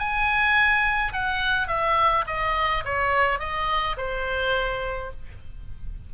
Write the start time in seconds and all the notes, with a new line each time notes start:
0.00 G#5
1.14 F#5
1.68 E5
2.27 D#5
2.85 C#5
3.40 D#5
3.98 C5